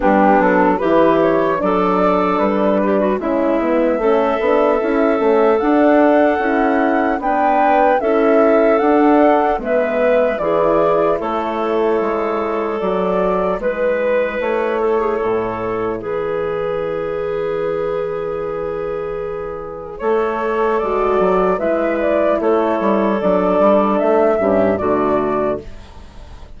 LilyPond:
<<
  \new Staff \with { instrumentName = "flute" } { \time 4/4 \tempo 4 = 75 g'8 a'8 b'8 cis''8 d''4 b'4 | e''2. fis''4~ | fis''4 g''4 e''4 fis''4 | e''4 d''4 cis''2 |
d''4 b'4 cis''2 | b'1~ | b'4 cis''4 d''4 e''8 d''8 | cis''4 d''4 e''4 d''4 | }
  \new Staff \with { instrumentName = "clarinet" } { \time 4/4 d'4 g'4 a'4. g'16 fis'16 | e'4 a'2.~ | a'4 b'4 a'2 | b'4 gis'4 a'2~ |
a'4 b'4. a'16 gis'16 a'4 | gis'1~ | gis'4 a'2 b'4 | a'2~ a'8 g'8 fis'4 | }
  \new Staff \with { instrumentName = "horn" } { \time 4/4 b4 e'4 d'2 | cis'8 b8 cis'8 d'8 e'8 cis'8 d'4 | e'4 d'4 e'4 d'4 | b4 e'2. |
fis'4 e'2.~ | e'1~ | e'2 fis'4 e'4~ | e'4 d'4. cis'8 a4 | }
  \new Staff \with { instrumentName = "bassoon" } { \time 4/4 g8 fis8 e4 fis4 g4 | gis4 a8 b8 cis'8 a8 d'4 | cis'4 b4 cis'4 d'4 | gis4 e4 a4 gis4 |
fis4 gis4 a4 a,4 | e1~ | e4 a4 gis8 fis8 gis4 | a8 g8 fis8 g8 a8 g,8 d4 | }
>>